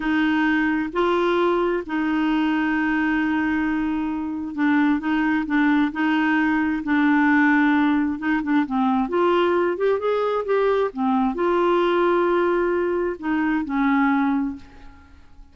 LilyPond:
\new Staff \with { instrumentName = "clarinet" } { \time 4/4 \tempo 4 = 132 dis'2 f'2 | dis'1~ | dis'2 d'4 dis'4 | d'4 dis'2 d'4~ |
d'2 dis'8 d'8 c'4 | f'4. g'8 gis'4 g'4 | c'4 f'2.~ | f'4 dis'4 cis'2 | }